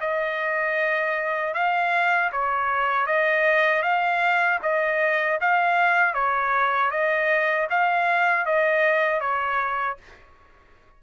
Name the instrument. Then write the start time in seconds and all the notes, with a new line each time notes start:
trumpet
0.00 D#5
1.53 F5
2.32 C#5
3.06 D#5
3.82 F5
4.62 D#5
5.41 F5
6.14 C#5
6.91 D#5
7.70 F5
8.45 D#5
9.20 C#5